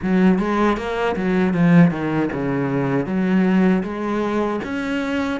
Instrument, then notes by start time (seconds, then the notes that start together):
cello
0.02 F#3
0.38 G#3
0.77 A#3
1.16 F#3
1.53 F3
1.90 D#3
2.32 C#3
3.06 F#3
3.83 G#3
4.64 C#4